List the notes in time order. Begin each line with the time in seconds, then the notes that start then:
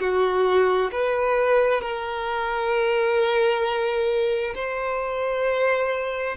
0.00 F#4
0.91 B4
1.81 A#4
4.55 C5